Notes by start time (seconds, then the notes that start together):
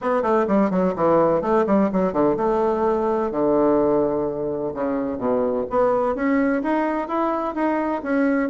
0.01 B3
0.22 A3
0.47 G3
0.70 F#3
0.95 E3
1.41 A3
1.66 G3
1.92 F#3
2.13 D3
2.36 A3
3.31 D3
4.74 C#3
5.17 B2
5.70 B3
6.15 C#4
6.62 D#4
7.08 E4
7.54 D#4
8.02 C#4